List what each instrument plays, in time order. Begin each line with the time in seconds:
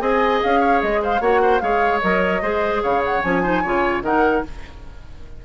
0.00 bassoon C4, clarinet G#4, oboe D#5, flute G#5
0.43 bassoon C#4, flute F5
0.60 oboe C#5
0.82 bassoon G#3, flute D#5
1.02 oboe C5, flute F5
1.20 bassoon A#3, clarinet F#4, oboe C#5, flute F#5
1.42 oboe C5
1.60 bassoon G#3, clarinet G#4, oboe C#5, flute F5
2.02 bassoon F#3, clarinet A#4, flute D#5
2.42 bassoon G#3, clarinet G#4, oboe C5
2.83 bassoon C#3, oboe C#5, flute F5
3.05 flute F#5
3.22 bassoon F3, clarinet C#4, flute G#5
3.43 clarinet D#4, oboe C5
3.62 bassoon C#3, clarinet F4, oboe C#5
4.02 bassoon D#3, clarinet D#4, oboe A#4, flute F#5